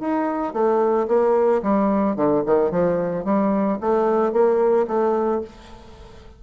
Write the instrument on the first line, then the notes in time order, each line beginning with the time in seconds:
bassoon
0.00 D#4
0.54 A3
1.08 A#3
1.63 G3
2.17 D3
2.46 D#3
2.71 F3
3.25 G3
3.81 A3
4.33 A#3
4.88 A3